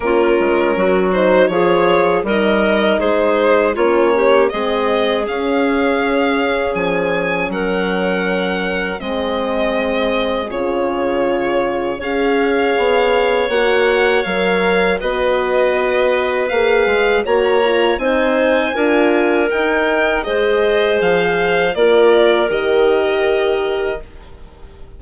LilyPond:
<<
  \new Staff \with { instrumentName = "violin" } { \time 4/4 \tempo 4 = 80 ais'4. c''8 cis''4 dis''4 | c''4 cis''4 dis''4 f''4~ | f''4 gis''4 fis''2 | dis''2 cis''2 |
f''2 fis''4 f''4 | dis''2 f''4 ais''4 | gis''2 g''4 dis''4 | f''4 d''4 dis''2 | }
  \new Staff \with { instrumentName = "clarinet" } { \time 4/4 f'4 fis'4 gis'4 ais'4 | gis'4 f'8 g'8 gis'2~ | gis'2 ais'2 | gis'1 |
cis''1 | b'2. cis''4 | c''4 ais'2 c''4~ | c''4 ais'2. | }
  \new Staff \with { instrumentName = "horn" } { \time 4/4 cis'4. dis'8 f'4 dis'4~ | dis'4 cis'4 c'4 cis'4~ | cis'1 | c'2 f'2 |
gis'2 fis'4 ais'4 | fis'2 gis'4 fis'8 f'8 | dis'4 f'4 dis'4 gis'4~ | gis'4 f'4 g'2 | }
  \new Staff \with { instrumentName = "bassoon" } { \time 4/4 ais8 gis8 fis4 f4 g4 | gis4 ais4 gis4 cis'4~ | cis'4 f4 fis2 | gis2 cis2 |
cis'4 b4 ais4 fis4 | b2 ais8 gis8 ais4 | c'4 d'4 dis'4 gis4 | f4 ais4 dis2 | }
>>